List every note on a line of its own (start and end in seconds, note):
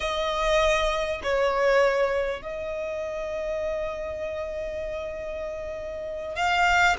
0.00 1.21 D#5
1.23 2.41 C#5
2.41 6.35 D#5
6.35 6.96 F5